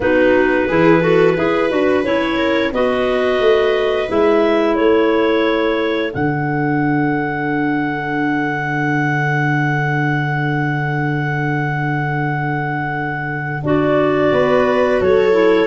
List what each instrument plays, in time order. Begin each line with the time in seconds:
0.00 tuba B3, clarinet D#4 B4, viola F#4
0.68 tuba E3, clarinet E4, viola G#4
1.01 clarinet F#4, viola A4
1.36 tuba E4, clarinet G#4, viola B4
1.69 tuba D4, clarinet F#4
2.03 tuba C#4, clarinet E4 C#5
2.36 viola A#4
2.72 tuba B3, clarinet F#4 D#5, viola B4
3.39 tuba A3
4.08 tuba G#3, clarinet E4 E5
4.75 tuba A3, viola A4, clarinet C#5
6.11 tuba D3, clarinet D4 F#5
13.63 tuba D4, clarinet F#4 D5
14.31 tuba B3, viola B4
15.00 tuba F#3, viola A4, clarinet C#5
15.32 clarinet E4